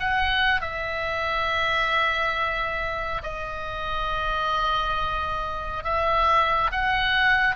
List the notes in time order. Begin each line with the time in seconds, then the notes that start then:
0.00 F#5
0.61 E5
3.23 D#5
5.84 E5
6.72 F#5